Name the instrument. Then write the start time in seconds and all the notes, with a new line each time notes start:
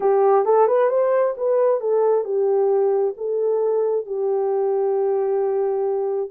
horn
0.00 G4
0.45 A4
0.67 B4
0.89 C5
1.37 B4
1.80 A4
2.24 G4
3.17 A4
4.06 G4